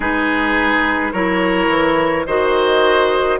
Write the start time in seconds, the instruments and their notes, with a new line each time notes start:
0.00 bassoon G#3, clarinet D#4, oboe G#4, flute B4
1.12 bassoon F#3, clarinet E4, oboe A#4, flute C#5
1.68 bassoon E3
2.26 bassoon D#3, clarinet F#4, oboe C5, flute D#5